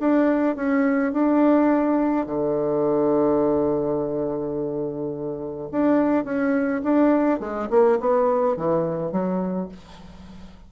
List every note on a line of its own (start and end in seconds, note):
0.00 0.56 D4
0.56 1.13 C#4
1.13 2.26 D4
2.26 5.69 D3
5.71 6.25 D4
6.25 6.82 C#4
6.83 7.40 D4
7.40 7.68 G#3
7.70 7.99 A#3
8.00 8.57 B3
8.57 9.11 E3
9.11 9.69 F#3